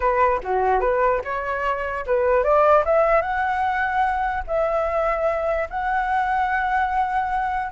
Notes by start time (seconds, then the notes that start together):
0.00 B4
0.43 F#4
0.80 B4
1.24 C#5
2.06 B4
2.43 D5
2.85 E5
3.21 F#5
4.47 E5
5.70 F#5